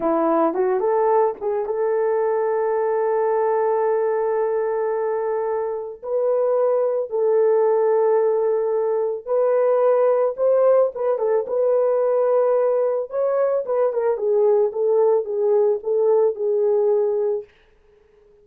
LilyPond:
\new Staff \with { instrumentName = "horn" } { \time 4/4 \tempo 4 = 110 e'4 fis'8 a'4 gis'8 a'4~ | a'1~ | a'2. b'4~ | b'4 a'2.~ |
a'4 b'2 c''4 | b'8 a'8 b'2. | cis''4 b'8 ais'8 gis'4 a'4 | gis'4 a'4 gis'2 | }